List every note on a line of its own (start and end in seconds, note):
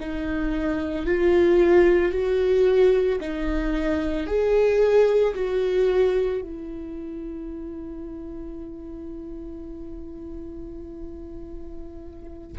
0.00 1.06 D#4
1.06 2.12 F4
2.12 3.19 F#4
3.20 4.27 D#4
4.27 5.34 G#4
5.34 6.41 F#4
6.42 12.58 E4